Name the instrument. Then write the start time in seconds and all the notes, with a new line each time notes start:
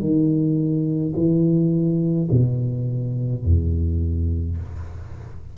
tuba
0.00 D#3
1.16 E3
2.31 B2
3.44 E2